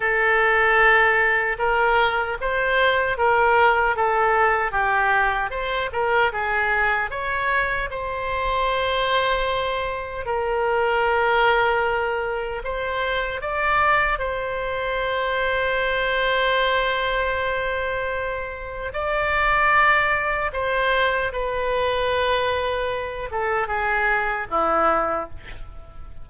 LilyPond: \new Staff \with { instrumentName = "oboe" } { \time 4/4 \tempo 4 = 76 a'2 ais'4 c''4 | ais'4 a'4 g'4 c''8 ais'8 | gis'4 cis''4 c''2~ | c''4 ais'2. |
c''4 d''4 c''2~ | c''1 | d''2 c''4 b'4~ | b'4. a'8 gis'4 e'4 | }